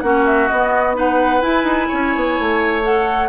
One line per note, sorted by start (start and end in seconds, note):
0.00 0.49 A#3
0.00 0.49 C#4
0.00 0.96 F#4
0.00 0.23 F#5
0.25 0.48 E5
0.48 0.93 B3
0.48 1.42 B3
0.48 0.95 D#5
0.93 1.40 D#4
0.93 1.88 B4
0.93 1.41 F#5
1.41 2.82 E4
1.41 1.63 E4
1.41 2.82 G#5
1.63 1.86 D#4
1.88 2.15 C#4
1.88 3.28 C#5
2.15 2.38 B3
2.39 3.29 A3
2.83 3.29 A4
2.83 3.29 F#5